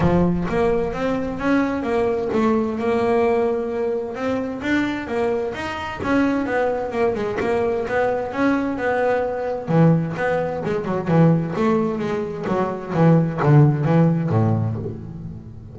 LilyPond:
\new Staff \with { instrumentName = "double bass" } { \time 4/4 \tempo 4 = 130 f4 ais4 c'4 cis'4 | ais4 a4 ais2~ | ais4 c'4 d'4 ais4 | dis'4 cis'4 b4 ais8 gis8 |
ais4 b4 cis'4 b4~ | b4 e4 b4 gis8 fis8 | e4 a4 gis4 fis4 | e4 d4 e4 a,4 | }